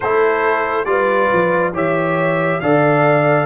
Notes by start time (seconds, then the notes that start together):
0.00 A3 E4 A4 C5
0.84 G3 F4 B4 D5
1.32 F3
1.73 E3 G4 C#5 E5
2.60 D3 A4 D5 F5